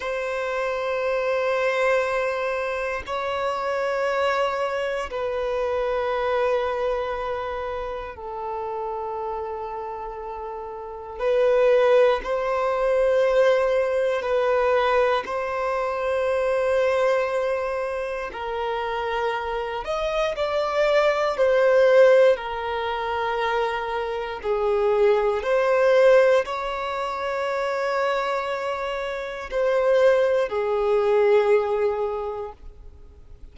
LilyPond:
\new Staff \with { instrumentName = "violin" } { \time 4/4 \tempo 4 = 59 c''2. cis''4~ | cis''4 b'2. | a'2. b'4 | c''2 b'4 c''4~ |
c''2 ais'4. dis''8 | d''4 c''4 ais'2 | gis'4 c''4 cis''2~ | cis''4 c''4 gis'2 | }